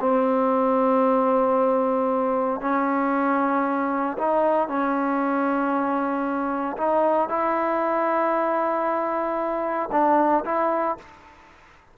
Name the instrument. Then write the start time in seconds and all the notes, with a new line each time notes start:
trombone
0.00 C4
2.61 C#4
4.18 D#4
4.68 C#4
6.77 D#4
7.29 E4
9.92 D4
10.45 E4